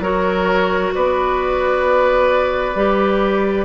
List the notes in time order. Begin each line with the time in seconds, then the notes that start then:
0.00 F#3 F#4 A#4 C#5
0.94 B3 B4 D5
2.75 G3 G4